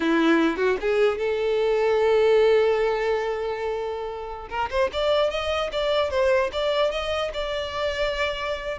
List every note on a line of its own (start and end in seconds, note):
0.00 0.57 E4
0.57 0.77 F#4
0.80 1.18 G#4
1.18 4.48 A4
4.49 4.69 A#4
4.70 4.90 C5
4.92 5.30 D5
5.30 5.70 D#5
5.71 6.10 D5
6.10 6.50 C5
6.52 6.91 D5
6.91 7.31 D#5
7.33 8.78 D5